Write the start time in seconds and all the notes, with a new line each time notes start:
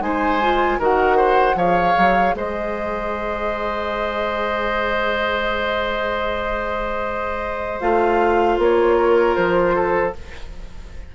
0.00 G#3 D#4 C5 G#5
0.41 F4
0.79 D#3 F#4 A#4 F#5
1.16 C5
1.55 F3 G#4 C#5 F5
1.97 F#3
2.34 G#3 C5 D#5
7.79 A3 F4 F5
8.58 A#3 C#5
8.97 A#4
9.35 F3 C5
9.75 A4